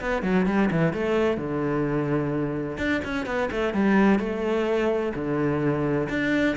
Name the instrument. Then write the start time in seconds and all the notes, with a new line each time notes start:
cello
0.00 B3
0.22 F#3
0.46 G3
0.71 E3
0.93 A3
1.37 D3
2.77 D4
3.04 C#4
3.26 B3
3.51 A3
3.73 G3
4.19 A3
5.14 D3
6.09 D4